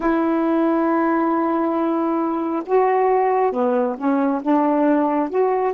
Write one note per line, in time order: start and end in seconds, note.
0.00 2.62 E4
2.66 3.52 F#4
3.52 3.96 B3
3.97 4.41 C#4
4.42 5.29 D4
5.29 5.73 F#4